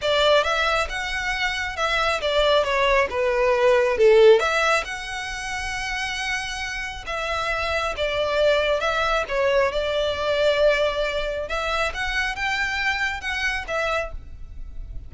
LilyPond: \new Staff \with { instrumentName = "violin" } { \time 4/4 \tempo 4 = 136 d''4 e''4 fis''2 | e''4 d''4 cis''4 b'4~ | b'4 a'4 e''4 fis''4~ | fis''1 |
e''2 d''2 | e''4 cis''4 d''2~ | d''2 e''4 fis''4 | g''2 fis''4 e''4 | }